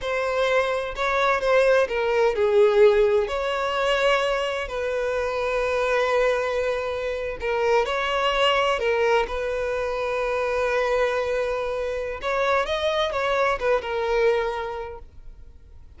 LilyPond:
\new Staff \with { instrumentName = "violin" } { \time 4/4 \tempo 4 = 128 c''2 cis''4 c''4 | ais'4 gis'2 cis''4~ | cis''2 b'2~ | b'2.~ b'8. ais'16~ |
ais'8. cis''2 ais'4 b'16~ | b'1~ | b'2 cis''4 dis''4 | cis''4 b'8 ais'2~ ais'8 | }